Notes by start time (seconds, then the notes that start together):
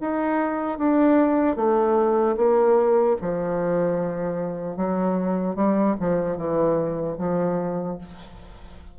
0.00 D#4
0.78 D4
1.56 A3
2.36 A#3
3.21 F3
4.76 F#3
5.55 G3
5.99 F3
6.37 E3
7.17 F3